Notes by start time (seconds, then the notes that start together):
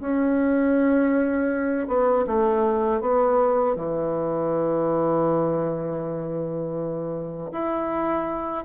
0.00 C#4
1.88 B3
2.27 A3
3.01 B3
3.76 E3
7.52 E4